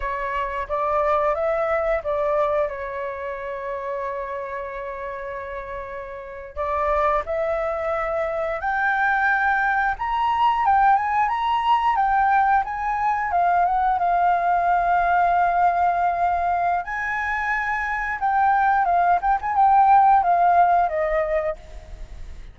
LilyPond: \new Staff \with { instrumentName = "flute" } { \time 4/4 \tempo 4 = 89 cis''4 d''4 e''4 d''4 | cis''1~ | cis''4.~ cis''16 d''4 e''4~ e''16~ | e''8. g''2 ais''4 g''16~ |
g''16 gis''8 ais''4 g''4 gis''4 f''16~ | f''16 fis''8 f''2.~ f''16~ | f''4 gis''2 g''4 | f''8 g''16 gis''16 g''4 f''4 dis''4 | }